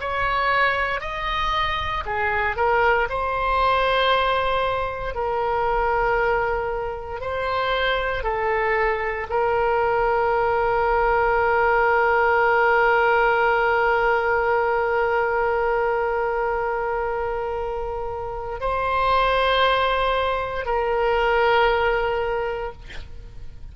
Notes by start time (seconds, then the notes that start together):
0.00 C#5
1.00 D#5
2.05 G#4
2.56 A#4
3.09 C5
5.14 A#4
7.20 C5
8.23 A4
9.29 A#4
18.60 C5
20.65 A#4